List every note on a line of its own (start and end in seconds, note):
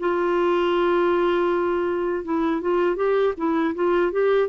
0.00 2.25 F4
2.25 2.61 E4
2.61 2.97 F4
2.97 3.34 G4
3.38 3.75 E4
3.75 4.12 F4
4.12 4.49 G4